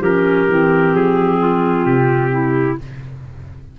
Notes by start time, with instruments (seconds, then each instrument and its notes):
0.00 tuba F3, clarinet C#4 G4, trumpet A#4
0.48 tuba E3, clarinet C4
0.94 tuba F3, trumpet G#4
1.39 clarinet F4
1.86 tuba C3, trumpet G4
2.32 clarinet E4